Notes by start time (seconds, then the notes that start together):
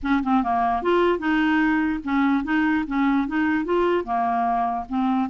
0.02 C#4
0.23 C4
0.43 A#3
0.82 F4
1.18 D#4
2.04 C#4
2.44 D#4
2.87 C#4
3.27 D#4
3.64 F4
4.04 A#3
4.89 C4